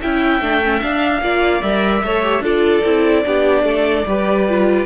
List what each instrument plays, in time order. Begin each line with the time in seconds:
0.00 cello C#4, viola E4, violin E5 G5
0.40 cello A3, viola D4
0.64 viola C#4
0.80 viola D4, cello D4, violin F5
1.21 cello A#3, viola F4, violin D5
1.62 cello G3, viola A#4, violin E5
2.03 cello A3, viola A4, violin C#5
2.22 viola G4
2.40 cello D4, viola F4, violin A4 D5
2.84 cello C4, viola E4
3.24 cello B3, viola D4, violin G4
3.63 cello A3, violin A4
4.06 cello G3, viola G4, violin B4
4.48 viola F4